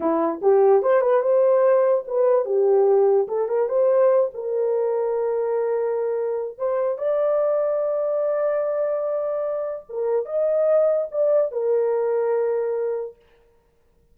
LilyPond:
\new Staff \with { instrumentName = "horn" } { \time 4/4 \tempo 4 = 146 e'4 g'4 c''8 b'8 c''4~ | c''4 b'4 g'2 | a'8 ais'8 c''4. ais'4.~ | ais'1 |
c''4 d''2.~ | d''1 | ais'4 dis''2 d''4 | ais'1 | }